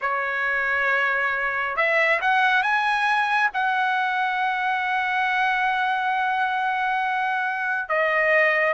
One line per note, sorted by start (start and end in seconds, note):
0.01 1.76 C#5
1.76 2.20 E5
2.21 2.63 F#5
2.63 3.50 G#5
3.53 7.89 F#5
7.89 8.73 D#5